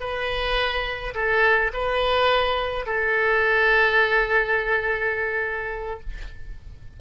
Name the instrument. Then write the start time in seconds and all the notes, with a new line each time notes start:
oboe
0.00 B4
1.15 A4
1.74 B4
2.86 A4